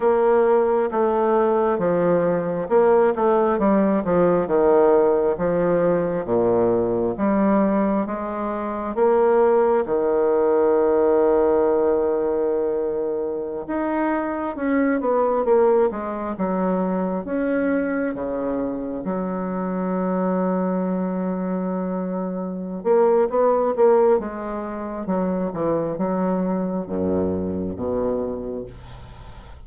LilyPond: \new Staff \with { instrumentName = "bassoon" } { \time 4/4 \tempo 4 = 67 ais4 a4 f4 ais8 a8 | g8 f8 dis4 f4 ais,4 | g4 gis4 ais4 dis4~ | dis2.~ dis16 dis'8.~ |
dis'16 cis'8 b8 ais8 gis8 fis4 cis'8.~ | cis'16 cis4 fis2~ fis8.~ | fis4. ais8 b8 ais8 gis4 | fis8 e8 fis4 fis,4 b,4 | }